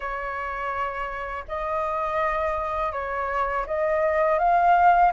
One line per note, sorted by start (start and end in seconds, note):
0.00 1.44 C#5
1.48 2.92 D#5
2.92 3.65 C#5
3.66 4.39 D#5
4.39 5.12 F5